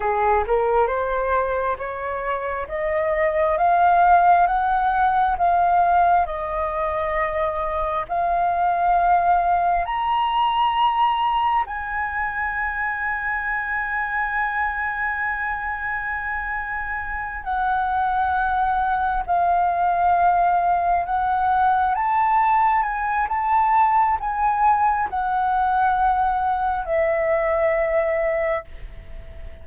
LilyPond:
\new Staff \with { instrumentName = "flute" } { \time 4/4 \tempo 4 = 67 gis'8 ais'8 c''4 cis''4 dis''4 | f''4 fis''4 f''4 dis''4~ | dis''4 f''2 ais''4~ | ais''4 gis''2.~ |
gis''2.~ gis''8 fis''8~ | fis''4. f''2 fis''8~ | fis''8 a''4 gis''8 a''4 gis''4 | fis''2 e''2 | }